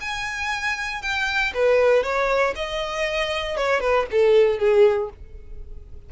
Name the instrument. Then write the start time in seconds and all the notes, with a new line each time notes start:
violin
0.00 G#5
1.01 G5
1.54 B4
2.03 C#5
2.55 D#5
3.57 C#5
3.80 B4
4.11 A4
4.58 G#4